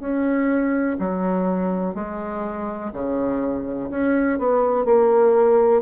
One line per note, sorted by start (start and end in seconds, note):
0.00 0.97 C#4
0.99 1.94 F#3
1.94 2.91 G#3
2.93 3.90 C#3
3.90 4.39 C#4
4.39 4.85 B3
4.85 5.82 A#3